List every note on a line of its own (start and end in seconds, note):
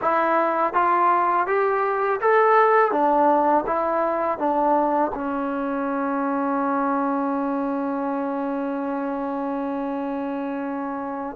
0.01 0.73 E4
0.73 1.46 F4
1.46 2.20 G4
2.20 2.91 A4
2.91 3.64 D4
3.66 4.38 E4
4.38 5.11 D4
5.14 11.36 C#4